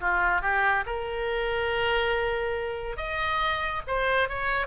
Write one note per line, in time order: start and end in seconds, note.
0.00 0.41 F4
0.41 0.84 G4
0.86 2.97 A#4
2.97 3.82 D#5
3.87 4.28 C5
4.28 4.67 C#5